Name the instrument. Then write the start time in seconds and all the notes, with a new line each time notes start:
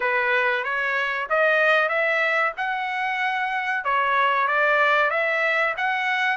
trumpet
0.00 B4
0.64 C#5
1.29 D#5
1.88 E5
2.57 F#5
3.84 C#5
4.47 D5
5.10 E5
5.77 F#5